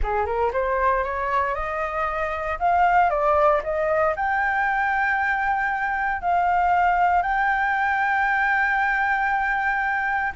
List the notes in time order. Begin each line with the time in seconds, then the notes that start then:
0.02 G#4
0.25 A#4
0.52 C5
1.03 C#5
1.54 D#5
2.59 F5
3.09 D5
3.63 D#5
4.16 G5
6.21 F5
7.22 G5